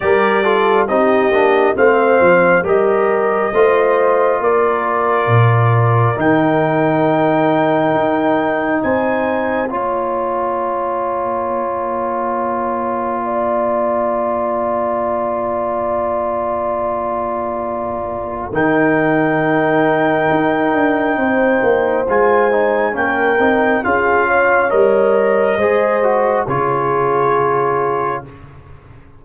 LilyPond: <<
  \new Staff \with { instrumentName = "trumpet" } { \time 4/4 \tempo 4 = 68 d''4 dis''4 f''4 dis''4~ | dis''4 d''2 g''4~ | g''2 gis''4 ais''4~ | ais''1~ |
ais''1~ | ais''4 g''2.~ | g''4 gis''4 g''4 f''4 | dis''2 cis''2 | }
  \new Staff \with { instrumentName = "horn" } { \time 4/4 ais'8 a'8 g'4 c''4 ais'4 | c''4 ais'2.~ | ais'2 c''4 cis''4~ | cis''2. d''4~ |
d''1~ | d''4 ais'2. | c''2 ais'4 gis'8 cis''8~ | cis''4 c''4 gis'2 | }
  \new Staff \with { instrumentName = "trombone" } { \time 4/4 g'8 f'8 dis'8 d'8 c'4 g'4 | f'2. dis'4~ | dis'2. f'4~ | f'1~ |
f'1~ | f'4 dis'2.~ | dis'4 f'8 dis'8 cis'8 dis'8 f'4 | ais'4 gis'8 fis'8 f'2 | }
  \new Staff \with { instrumentName = "tuba" } { \time 4/4 g4 c'8 ais8 a8 f8 g4 | a4 ais4 ais,4 dis4~ | dis4 dis'4 c'4 ais4~ | ais1~ |
ais1~ | ais4 dis2 dis'8 d'8 | c'8 ais8 gis4 ais8 c'8 cis'4 | g4 gis4 cis2 | }
>>